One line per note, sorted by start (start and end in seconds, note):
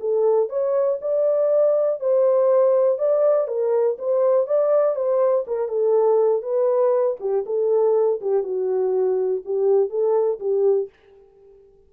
0.00 0.49 A4
0.49 0.99 C#5
1.01 2.00 D5
2.00 2.98 C5
2.98 3.47 D5
3.47 3.97 A#4
3.98 4.46 C5
4.46 4.95 D5
4.95 5.45 C5
5.47 5.68 A#4
5.68 6.42 A4
6.42 7.17 B4
7.20 7.44 G4
7.46 8.20 A4
8.21 8.43 G4
8.43 9.42 F#4
9.45 9.89 G4
9.89 10.39 A4
10.40 10.89 G4